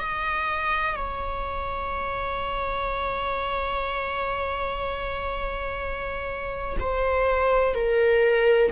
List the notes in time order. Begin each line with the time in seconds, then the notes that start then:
0.00 D#5
0.96 C#5
6.80 C5
7.75 A#4